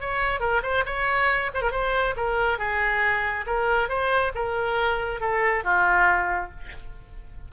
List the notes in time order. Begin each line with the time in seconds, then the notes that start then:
0.00 C#5
0.40 A#4
0.62 C5
0.85 C#5
1.54 C5
1.61 A#4
1.71 C5
2.16 A#4
2.58 G#4
3.46 A#4
3.88 C5
4.35 A#4
5.20 A4
5.64 F4